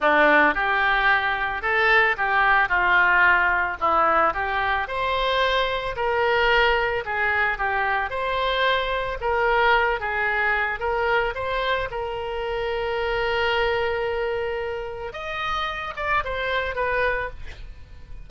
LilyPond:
\new Staff \with { instrumentName = "oboe" } { \time 4/4 \tempo 4 = 111 d'4 g'2 a'4 | g'4 f'2 e'4 | g'4 c''2 ais'4~ | ais'4 gis'4 g'4 c''4~ |
c''4 ais'4. gis'4. | ais'4 c''4 ais'2~ | ais'1 | dis''4. d''8 c''4 b'4 | }